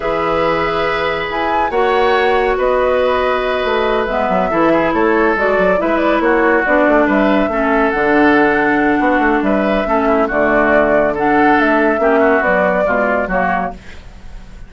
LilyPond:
<<
  \new Staff \with { instrumentName = "flute" } { \time 4/4 \tempo 4 = 140 e''2. gis''4 | fis''2 dis''2~ | dis''4. e''2 cis''8~ | cis''8 d''4 e''8 d''8 cis''4 d''8~ |
d''8 e''2 fis''4.~ | fis''2 e''2 | d''2 fis''4 e''4~ | e''4 d''2 cis''4 | }
  \new Staff \with { instrumentName = "oboe" } { \time 4/4 b'1 | cis''2 b'2~ | b'2~ b'8 a'8 gis'8 a'8~ | a'4. b'4 fis'4.~ |
fis'8 b'4 a'2~ a'8~ | a'4 fis'4 b'4 a'8 e'8 | fis'2 a'2 | g'8 fis'4. f'4 fis'4 | }
  \new Staff \with { instrumentName = "clarinet" } { \time 4/4 gis'1 | fis'1~ | fis'4. b4 e'4.~ | e'8 fis'4 e'2 d'8~ |
d'4. cis'4 d'4.~ | d'2. cis'4 | a2 d'2 | cis'4 fis4 gis4 ais4 | }
  \new Staff \with { instrumentName = "bassoon" } { \time 4/4 e2. e'4 | ais2 b2~ | b8 a4 gis8 fis8 e4 a8~ | a8 gis8 fis8 gis4 ais4 b8 |
a8 g4 a4 d4.~ | d4 b8 a8 g4 a4 | d2. a4 | ais4 b4 b,4 fis4 | }
>>